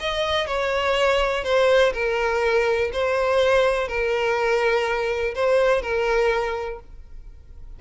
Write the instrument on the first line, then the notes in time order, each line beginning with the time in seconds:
violin
0.00 D#5
0.47 C#5
1.44 C5
1.93 A#4
2.93 C5
3.88 A#4
5.35 C5
5.82 A#4